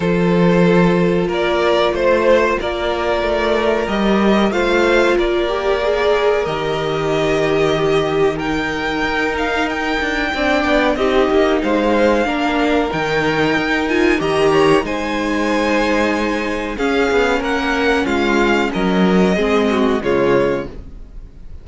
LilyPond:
<<
  \new Staff \with { instrumentName = "violin" } { \time 4/4 \tempo 4 = 93 c''2 d''4 c''4 | d''2 dis''4 f''4 | d''2 dis''2~ | dis''4 g''4. f''8 g''4~ |
g''4 dis''4 f''2 | g''4. gis''8 ais''4 gis''4~ | gis''2 f''4 fis''4 | f''4 dis''2 cis''4 | }
  \new Staff \with { instrumentName = "violin" } { \time 4/4 a'2 ais'4 c''4 | ais'2. c''4 | ais'1 | g'4 ais'2. |
d''4 g'4 c''4 ais'4~ | ais'2 dis''8 cis''8 c''4~ | c''2 gis'4 ais'4 | f'4 ais'4 gis'8 fis'8 f'4 | }
  \new Staff \with { instrumentName = "viola" } { \time 4/4 f'1~ | f'2 g'4 f'4~ | f'8 g'8 gis'4 g'2~ | g'4 dis'2. |
d'4 dis'2 d'4 | dis'4. f'8 g'4 dis'4~ | dis'2 cis'2~ | cis'2 c'4 gis4 | }
  \new Staff \with { instrumentName = "cello" } { \time 4/4 f2 ais4 a4 | ais4 a4 g4 a4 | ais2 dis2~ | dis2 dis'4. d'8 |
c'8 b8 c'8 ais8 gis4 ais4 | dis4 dis'4 dis4 gis4~ | gis2 cis'8 b8 ais4 | gis4 fis4 gis4 cis4 | }
>>